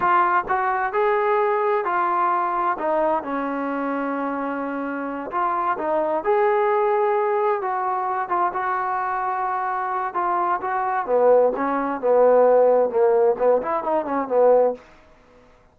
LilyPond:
\new Staff \with { instrumentName = "trombone" } { \time 4/4 \tempo 4 = 130 f'4 fis'4 gis'2 | f'2 dis'4 cis'4~ | cis'2.~ cis'8 f'8~ | f'8 dis'4 gis'2~ gis'8~ |
gis'8 fis'4. f'8 fis'4.~ | fis'2 f'4 fis'4 | b4 cis'4 b2 | ais4 b8 e'8 dis'8 cis'8 b4 | }